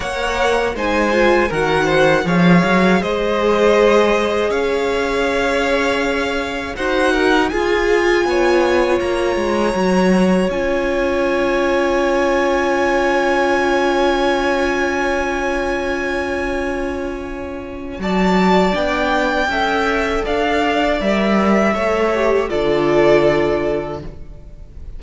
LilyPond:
<<
  \new Staff \with { instrumentName = "violin" } { \time 4/4 \tempo 4 = 80 fis''4 gis''4 fis''4 f''4 | dis''2 f''2~ | f''4 fis''4 gis''2 | ais''2 gis''2~ |
gis''1~ | gis''1 | a''4 g''2 f''4 | e''2 d''2 | }
  \new Staff \with { instrumentName = "violin" } { \time 4/4 cis''4 c''4 ais'8 c''8 cis''4 | c''2 cis''2~ | cis''4 c''8 ais'8 gis'4 cis''4~ | cis''1~ |
cis''1~ | cis''1 | d''2 e''4 d''4~ | d''4 cis''4 a'2 | }
  \new Staff \with { instrumentName = "viola" } { \time 4/4 ais'4 dis'8 f'8 fis'4 gis'4~ | gis'1~ | gis'4 fis'4 f'2~ | f'4 fis'4 f'2~ |
f'1~ | f'1 | fis'4 d'4 a'2 | ais'4 a'8 g'8 f'2 | }
  \new Staff \with { instrumentName = "cello" } { \time 4/4 ais4 gis4 dis4 f8 fis8 | gis2 cis'2~ | cis'4 dis'4 f'4 b4 | ais8 gis8 fis4 cis'2~ |
cis'1~ | cis'1 | fis4 b4 cis'4 d'4 | g4 a4 d2 | }
>>